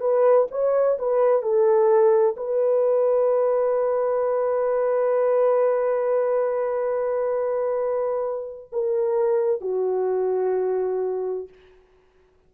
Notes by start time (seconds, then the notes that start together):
0.00 B4
0.51 C#5
0.98 B4
1.41 A4
2.37 B4
8.72 A#4
9.61 F#4